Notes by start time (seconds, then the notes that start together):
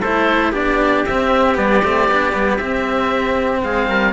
0.00 A3 E4 A4 C5
0.51 B3 D4 G4 D5
1.05 C4 E5
1.55 G3 B3 D5
1.83 A3 C4
2.07 B3 D4
2.32 G3 B3
2.57 C4 E5
3.62 G#3 G#4 F5
3.88 G3 A#4